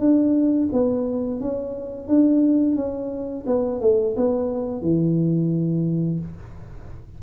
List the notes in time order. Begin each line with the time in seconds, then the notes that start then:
0.00 D4
0.73 B3
1.41 C#4
2.08 D4
2.76 C#4
3.47 B3
3.81 A3
4.17 B3
4.82 E3